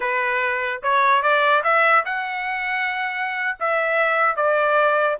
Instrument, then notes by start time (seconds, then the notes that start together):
trumpet
0.00 B4
0.82 C#5
1.22 D5
1.63 E5
2.05 F#5
3.59 E5
4.36 D5